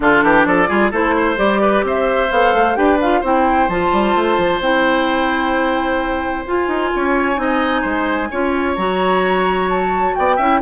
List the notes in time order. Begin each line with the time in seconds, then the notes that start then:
0.00 D3 D4 F4 A4
0.22 E3 G4
0.45 F3 A4 D5
0.67 G3 F4 G#4
0.91 A3 E4 A4 C5
1.16 C5
1.36 G3 G4 D5
1.61 B4
1.83 C4 C5 E5
2.31 B3 A4 F5
2.54 A3
2.75 D4 G4 B4 G5
3.00 F4 F5
3.20 C4 E4 C5 G5
3.68 F3 F4 A5
3.92 G3
4.15 A3
4.37 F3
4.60 C4 E4 G5
6.45 F4 G#5
6.67 D#4
6.95 C#4 C#5
7.35 C4 D#4 D#5
7.81 G#3 C5
8.30 C#4 F4 C#5
8.75 F#3 F#4 A#5
9.69 A5
10.15 B3 D5 G5
10.36 C#4 E4 E5